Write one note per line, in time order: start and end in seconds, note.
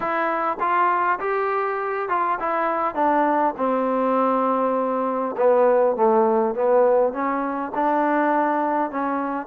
0.00 0.57 E4
0.59 1.19 F4
1.19 2.08 G4
2.08 2.38 F4
2.39 2.95 E4
2.95 3.54 D4
3.57 5.35 C4
5.37 5.96 B3
5.96 6.55 A3
6.55 7.12 B3
7.12 7.72 C#4
7.74 8.91 D4
8.91 9.46 C#4